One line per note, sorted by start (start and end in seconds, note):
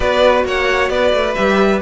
0.00 0.44 B3
0.00 1.34 F#4
0.00 0.45 B4
0.00 0.44 D5
0.44 0.89 A#3
0.44 0.91 C#5
0.44 0.89 F#5
0.89 1.12 B3
0.89 1.81 B4
0.89 1.34 D5
1.12 1.35 A3
1.34 1.81 G3
1.34 1.81 G4
1.34 1.80 E5